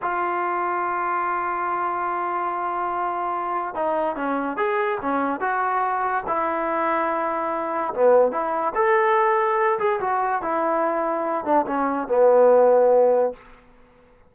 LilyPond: \new Staff \with { instrumentName = "trombone" } { \time 4/4 \tempo 4 = 144 f'1~ | f'1~ | f'4 dis'4 cis'4 gis'4 | cis'4 fis'2 e'4~ |
e'2. b4 | e'4 a'2~ a'8 gis'8 | fis'4 e'2~ e'8 d'8 | cis'4 b2. | }